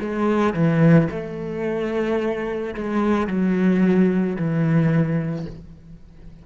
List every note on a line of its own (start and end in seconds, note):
0.00 0.54 G#3
0.54 1.08 E3
1.11 2.75 A3
2.75 3.27 G#3
3.27 4.36 F#3
4.36 5.45 E3